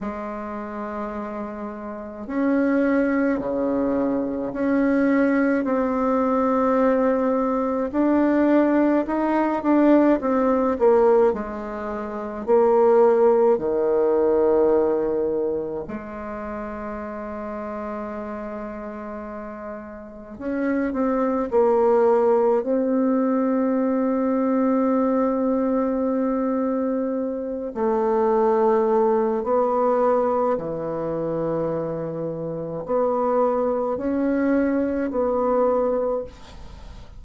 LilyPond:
\new Staff \with { instrumentName = "bassoon" } { \time 4/4 \tempo 4 = 53 gis2 cis'4 cis4 | cis'4 c'2 d'4 | dis'8 d'8 c'8 ais8 gis4 ais4 | dis2 gis2~ |
gis2 cis'8 c'8 ais4 | c'1~ | c'8 a4. b4 e4~ | e4 b4 cis'4 b4 | }